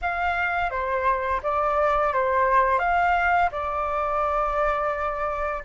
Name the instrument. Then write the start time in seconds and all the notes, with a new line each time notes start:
flute
0.01 F5
0.70 C5
1.42 D5
2.13 C5
2.79 F5
3.51 D5